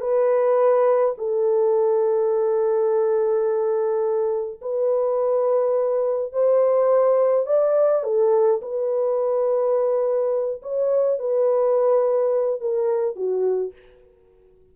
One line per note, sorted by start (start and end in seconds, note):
0.00 1.14 B4
1.18 4.61 A4
4.61 6.32 B4
6.32 7.46 C5
7.46 8.03 D5
8.03 8.60 A4
8.62 10.62 B4
10.62 11.19 C#5
11.19 12.61 B4
12.61 13.15 A#4
13.15 13.72 F#4